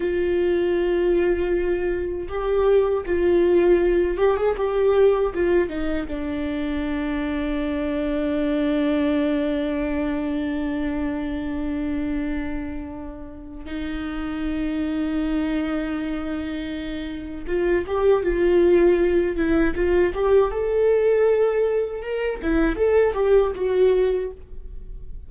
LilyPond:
\new Staff \with { instrumentName = "viola" } { \time 4/4 \tempo 4 = 79 f'2. g'4 | f'4. g'16 gis'16 g'4 f'8 dis'8 | d'1~ | d'1~ |
d'2 dis'2~ | dis'2. f'8 g'8 | f'4. e'8 f'8 g'8 a'4~ | a'4 ais'8 e'8 a'8 g'8 fis'4 | }